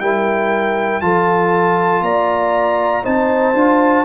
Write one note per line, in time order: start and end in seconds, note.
0.00 1.02 G3
0.00 1.01 E4
0.00 1.04 A#4
0.00 1.01 G5
1.01 2.02 F3
1.01 3.04 F4
1.01 2.04 A4
1.01 2.03 A5
2.02 3.03 A#3
2.02 3.04 D5
2.02 3.05 A#5
3.04 3.54 C4
3.04 3.54 D#4
3.04 4.05 C5
3.04 4.05 A5
3.54 4.05 D4
3.54 4.05 F4